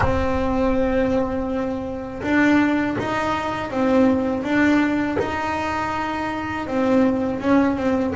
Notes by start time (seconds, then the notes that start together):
0.00 C4
2.22 D4
2.98 D#4
3.70 C4
4.43 D4
5.19 D#4
6.67 C4
7.40 C#4
7.76 C4